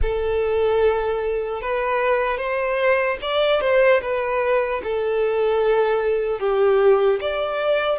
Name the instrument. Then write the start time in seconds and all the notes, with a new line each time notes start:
violin
0.02 A4
1.61 B4
2.37 C5
3.21 D5
3.60 C5
4.01 B4
4.83 A4
6.39 G4
7.20 D5